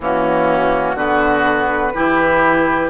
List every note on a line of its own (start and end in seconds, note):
0.00 0.94 E3
0.00 0.97 A#3
0.00 0.96 C#4
0.00 0.98 F#4
0.94 1.91 D3
0.94 1.94 B3
0.94 1.93 F#4
0.94 2.89 B4
1.94 2.89 E3
1.94 2.89 E4
1.94 2.89 G4